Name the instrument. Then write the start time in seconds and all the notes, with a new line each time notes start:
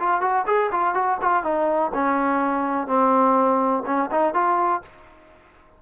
trombone
0.00 F4
0.21 F#4
0.47 G#4
0.72 F4
0.94 F#4
1.22 F4
1.44 D#4
1.94 C#4
2.87 C4
3.86 C#4
4.11 D#4
4.34 F4